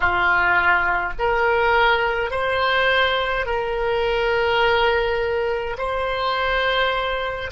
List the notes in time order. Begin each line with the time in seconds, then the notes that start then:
0.00 F4
1.19 A#4
2.31 C5
3.46 A#4
5.77 C5